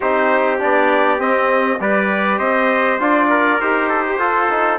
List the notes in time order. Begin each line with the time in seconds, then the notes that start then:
0.00 C4 D#4 G4 C5
0.58 B3 D4 D5
1.19 C4 D#5
1.79 G3 G4 B4 D5
2.38 C4 C5 D#5
2.99 D4 F4 D5
3.29 A#4
3.60 D#4 G4 C5
3.88 A4
4.08 G4
4.17 F4 A4
4.49 D#4